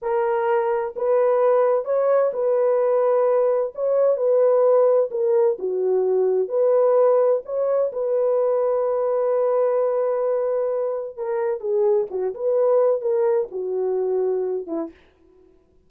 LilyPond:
\new Staff \with { instrumentName = "horn" } { \time 4/4 \tempo 4 = 129 ais'2 b'2 | cis''4 b'2. | cis''4 b'2 ais'4 | fis'2 b'2 |
cis''4 b'2.~ | b'1 | ais'4 gis'4 fis'8 b'4. | ais'4 fis'2~ fis'8 e'8 | }